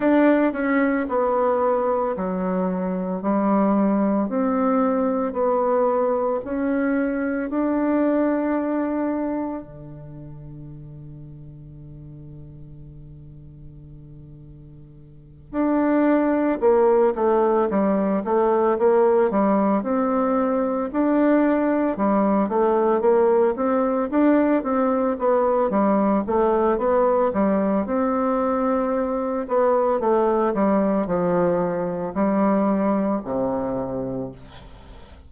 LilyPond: \new Staff \with { instrumentName = "bassoon" } { \time 4/4 \tempo 4 = 56 d'8 cis'8 b4 fis4 g4 | c'4 b4 cis'4 d'4~ | d'4 d2.~ | d2~ d8 d'4 ais8 |
a8 g8 a8 ais8 g8 c'4 d'8~ | d'8 g8 a8 ais8 c'8 d'8 c'8 b8 | g8 a8 b8 g8 c'4. b8 | a8 g8 f4 g4 c4 | }